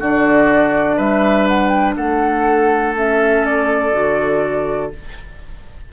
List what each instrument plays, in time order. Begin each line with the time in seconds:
0.00 bassoon D3, clarinet D4, oboe F#4, flute D5
0.97 bassoon G3, oboe B4, flute E5
1.49 flute F#5
1.68 flute G5
1.97 bassoon A3, oboe A4, flute F#5
2.96 clarinet C#4, flute E5
3.45 flute D5
3.93 bassoon D3, clarinet F#4